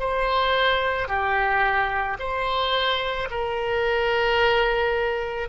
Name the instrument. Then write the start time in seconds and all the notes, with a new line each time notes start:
oboe
0.00 C5
1.09 G4
2.20 C5
3.31 A#4